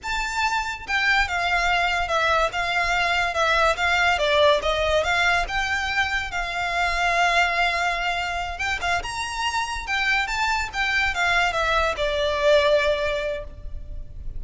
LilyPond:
\new Staff \with { instrumentName = "violin" } { \time 4/4 \tempo 4 = 143 a''2 g''4 f''4~ | f''4 e''4 f''2 | e''4 f''4 d''4 dis''4 | f''4 g''2 f''4~ |
f''1~ | f''8 g''8 f''8 ais''2 g''8~ | g''8 a''4 g''4 f''4 e''8~ | e''8 d''2.~ d''8 | }